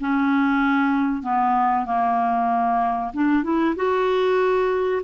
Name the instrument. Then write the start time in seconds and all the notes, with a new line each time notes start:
clarinet
0.00 C#4
1.22 B3
1.85 A#3
3.13 D4
3.43 E4
3.76 F#4